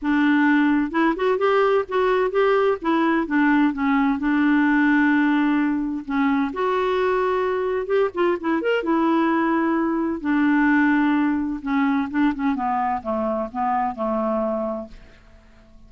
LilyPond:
\new Staff \with { instrumentName = "clarinet" } { \time 4/4 \tempo 4 = 129 d'2 e'8 fis'8 g'4 | fis'4 g'4 e'4 d'4 | cis'4 d'2.~ | d'4 cis'4 fis'2~ |
fis'4 g'8 f'8 e'8 ais'8 e'4~ | e'2 d'2~ | d'4 cis'4 d'8 cis'8 b4 | a4 b4 a2 | }